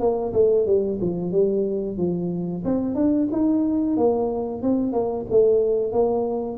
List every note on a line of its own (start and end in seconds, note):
0.00 0.33 A#3
0.34 0.67 A3
0.67 1.00 G3
1.02 1.32 F3
1.32 1.98 G3
1.98 2.64 F3
2.65 2.96 C4
2.96 3.28 D4
3.32 3.97 D#4
3.97 4.62 A#3
4.62 4.93 C4
4.93 5.26 A#3
5.30 5.93 A3
5.93 6.58 A#3